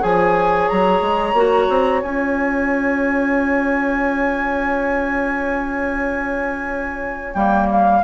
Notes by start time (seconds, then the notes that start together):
0.00 F3 G#4 C#5 G#5
0.69 F#3 A#5
1.02 G#3
1.34 A#3 F#4
1.70 C4
2.03 C#4 F4 G#5
7.34 G3 A#3 G5
7.72 F5